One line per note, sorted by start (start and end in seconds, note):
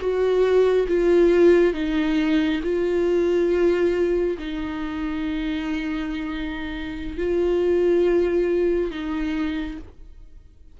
0.00 0.87 F#4
0.88 1.74 F4
1.74 2.61 D#4
2.63 4.37 F4
4.38 7.18 D#4
7.18 8.91 F4
8.91 9.78 D#4